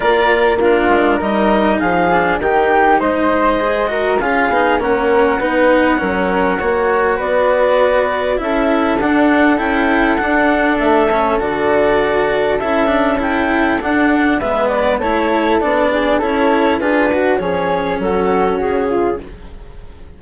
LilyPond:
<<
  \new Staff \with { instrumentName = "clarinet" } { \time 4/4 \tempo 4 = 100 d''4 ais'4 dis''4 f''4 | g''4 dis''2 f''4 | fis''1 | d''2 e''4 fis''4 |
g''4 fis''4 e''4 d''4~ | d''4 e''4 g''4 fis''4 | e''8 d''8 cis''4 d''4 cis''4 | b'4 cis''4 a'4 gis'4 | }
  \new Staff \with { instrumentName = "flute" } { \time 4/4 ais'4 f'4 ais'4 gis'4 | g'4 c''4. ais'8 gis'4 | ais'4 b'4 ais'4 cis''4 | b'2 a'2~ |
a'1~ | a'1 | b'4 a'4. gis'8 a'4 | gis'8 fis'8 gis'4 fis'4. f'8 | }
  \new Staff \with { instrumentName = "cello" } { \time 4/4 f'4 d'4 dis'4. d'8 | dis'2 gis'8 fis'8 f'8 dis'8 | cis'4 dis'4 cis'4 fis'4~ | fis'2 e'4 d'4 |
e'4 d'4. cis'8 fis'4~ | fis'4 e'8 d'8 e'4 d'4 | b4 e'4 d'4 e'4 | f'8 fis'8 cis'2. | }
  \new Staff \with { instrumentName = "bassoon" } { \time 4/4 ais4. gis8 g4 f4 | dis4 gis2 cis'8 b8 | ais4 b4 fis4 ais4 | b2 cis'4 d'4 |
cis'4 d'4 a4 d4~ | d4 cis'2 d'4 | gis4 a4 b4 cis'4 | d'4 f4 fis4 cis4 | }
>>